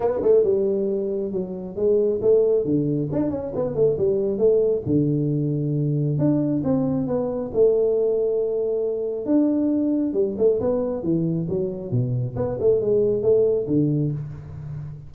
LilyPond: \new Staff \with { instrumentName = "tuba" } { \time 4/4 \tempo 4 = 136 b8 a8 g2 fis4 | gis4 a4 d4 d'8 cis'8 | b8 a8 g4 a4 d4~ | d2 d'4 c'4 |
b4 a2.~ | a4 d'2 g8 a8 | b4 e4 fis4 b,4 | b8 a8 gis4 a4 d4 | }